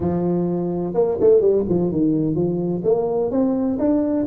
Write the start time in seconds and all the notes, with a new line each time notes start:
0.00 F3
0.94 A#3
1.20 A3
1.40 G3
1.68 F3
1.91 D#3
2.35 F3
2.84 A#3
3.30 C4
3.78 D4